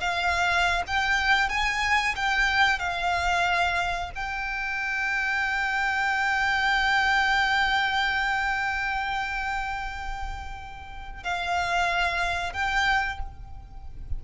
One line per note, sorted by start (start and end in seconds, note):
0.00 0.82 F5
0.87 1.49 G5
1.49 2.15 G#5
2.16 2.79 G5
2.79 4.11 F5
4.15 11.23 G5
11.23 12.53 F5
12.53 13.19 G5